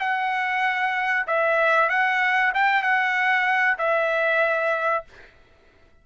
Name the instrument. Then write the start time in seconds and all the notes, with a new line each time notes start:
trumpet
0.00 F#5
1.27 E5
1.89 F#5
2.54 G5
2.82 F#5
3.78 E5